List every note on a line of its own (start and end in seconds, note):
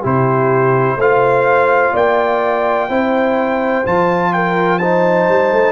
0.00 0.96 C3
0.00 0.98 E4
0.00 0.95 G4
0.00 1.01 C5
0.96 1.91 A3
0.96 2.89 F4
0.96 1.92 C5
0.96 1.96 F5
1.92 2.88 A#3
1.92 2.87 D5
1.92 3.86 G5
2.88 3.84 C4
2.88 3.84 E4
2.88 4.31 C5
3.85 5.28 F3
3.85 4.80 F4
3.85 4.33 A5
4.33 4.78 A#4
4.33 4.78 G5
4.78 5.72 D#4
4.78 5.72 C5
4.78 5.72 A5
5.28 5.52 G3
5.52 5.72 A3